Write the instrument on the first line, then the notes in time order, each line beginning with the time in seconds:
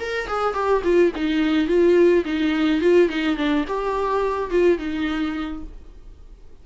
viola
0.00 A#4
0.27 G#4
0.54 G4
0.84 F4
1.16 D#4
1.67 F4
2.25 D#4
2.81 F4
3.09 D#4
3.37 D4
3.68 G4
4.51 F4
4.78 D#4